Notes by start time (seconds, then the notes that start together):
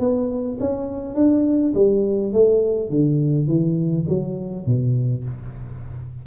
0.00 B3
0.60 C#4
1.15 D4
1.75 G3
2.33 A3
2.90 D3
3.48 E3
4.09 F#3
4.66 B2